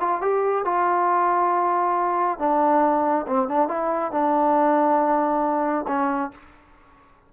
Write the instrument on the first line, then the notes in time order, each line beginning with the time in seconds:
trombone
0.00 F4
0.21 G4
0.65 F4
2.39 D4
3.27 C4
3.48 D4
3.68 E4
4.11 D4
5.88 C#4